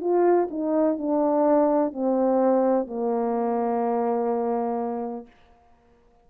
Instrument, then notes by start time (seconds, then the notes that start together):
horn
0.00 F4
0.50 D#4
0.97 D4
1.92 C4
2.86 A#3